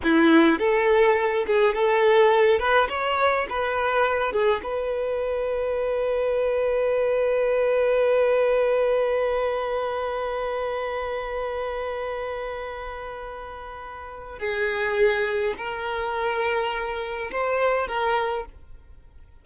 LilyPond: \new Staff \with { instrumentName = "violin" } { \time 4/4 \tempo 4 = 104 e'4 a'4. gis'8 a'4~ | a'8 b'8 cis''4 b'4. gis'8 | b'1~ | b'1~ |
b'1~ | b'1~ | b'4 gis'2 ais'4~ | ais'2 c''4 ais'4 | }